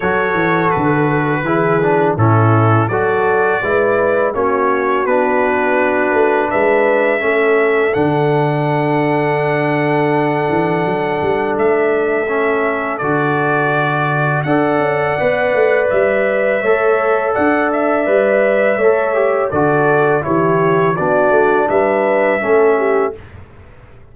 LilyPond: <<
  \new Staff \with { instrumentName = "trumpet" } { \time 4/4 \tempo 4 = 83 cis''4 b'2 a'4 | d''2 cis''4 b'4~ | b'4 e''2 fis''4~ | fis''1 |
e''2 d''2 | fis''2 e''2 | fis''8 e''2~ e''8 d''4 | cis''4 d''4 e''2 | }
  \new Staff \with { instrumentName = "horn" } { \time 4/4 a'2 gis'4 e'4 | a'4 b'4 fis'2~ | fis'4 b'4 a'2~ | a'1~ |
a'1 | d''2. cis''4 | d''2 cis''4 a'4 | g'4 fis'4 b'4 a'8 g'8 | }
  \new Staff \with { instrumentName = "trombone" } { \time 4/4 fis'2 e'8 d'8 cis'4 | fis'4 e'4 cis'4 d'4~ | d'2 cis'4 d'4~ | d'1~ |
d'4 cis'4 fis'2 | a'4 b'2 a'4~ | a'4 b'4 a'8 g'8 fis'4 | e'4 d'2 cis'4 | }
  \new Staff \with { instrumentName = "tuba" } { \time 4/4 fis8 e8 d4 e4 a,4 | fis4 gis4 ais4 b4~ | b8 a8 gis4 a4 d4~ | d2~ d8 e8 fis8 g8 |
a2 d2 | d'8 cis'8 b8 a8 g4 a4 | d'4 g4 a4 d4 | e4 b8 a8 g4 a4 | }
>>